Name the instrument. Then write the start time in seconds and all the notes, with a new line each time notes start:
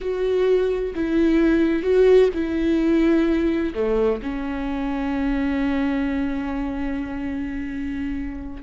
viola
0.00 F#4
0.95 E4
1.82 F#4
2.34 E4
3.74 A3
4.22 C#4